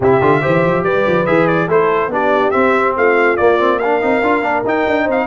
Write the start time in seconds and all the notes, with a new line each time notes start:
0.00 C3 E4 G4 E5
0.21 D3 F4
0.41 E3 G4 C5
0.65 F3
0.83 G3 B4 D5
1.06 F3
1.26 E3 G#4 E5
1.47 D5
1.67 A3 E4 A4 C5
2.07 B3 D4 G4 D5
2.50 C4 E5
2.96 A3 F4 F5
3.37 A#3 D5
3.58 C4
3.79 D4 A#4 F5
4.01 C4 D#4
4.21 D4 F4
4.42 A#3 D4
4.64 D#4 G5
4.87 D4
5.03 C4 C5
5.11 F5